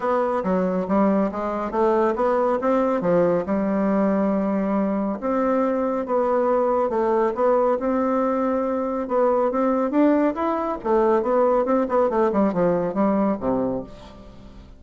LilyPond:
\new Staff \with { instrumentName = "bassoon" } { \time 4/4 \tempo 4 = 139 b4 fis4 g4 gis4 | a4 b4 c'4 f4 | g1 | c'2 b2 |
a4 b4 c'2~ | c'4 b4 c'4 d'4 | e'4 a4 b4 c'8 b8 | a8 g8 f4 g4 c4 | }